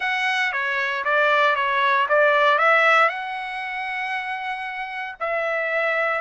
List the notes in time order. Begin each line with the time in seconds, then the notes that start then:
0.00 F#5
0.52 C#5
1.04 D5
1.55 C#5
2.08 D5
2.58 E5
3.08 F#5
5.20 E5